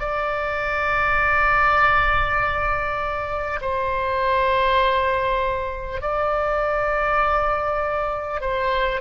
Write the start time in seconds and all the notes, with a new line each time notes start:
0.00 D5
3.62 C5
6.01 D5
8.41 C5